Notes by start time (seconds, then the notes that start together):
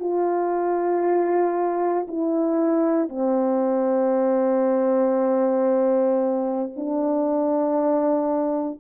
0.00 F4
2.08 E4
3.09 C4
6.77 D4